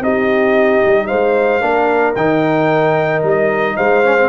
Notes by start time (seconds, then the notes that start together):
0.00 C4 D#4 G4 D#5
0.86 G3
1.07 G#3 C5 F5
1.61 A#3 D4 A#4
2.15 D#3 D#4 G5
3.22 G3 D#5
3.76 G#3 C5 F5
4.04 C#4
4.18 C4